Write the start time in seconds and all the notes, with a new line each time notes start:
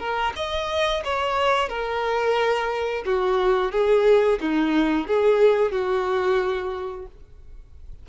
0.00 A#4
0.36 D#5
1.05 C#5
1.69 A#4
3.06 F#4
3.72 G#4
4.42 D#4
5.07 G#4
5.72 F#4